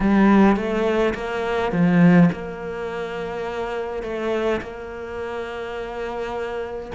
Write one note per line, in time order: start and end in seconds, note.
0.00 0.56 G3
0.56 1.14 A3
1.14 1.72 A#3
1.72 2.29 F3
2.32 4.03 A#3
4.03 4.60 A3
4.61 6.92 A#3